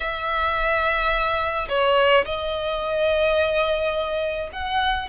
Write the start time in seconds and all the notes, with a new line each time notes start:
0.00 E5
1.68 C#5
2.25 D#5
4.52 F#5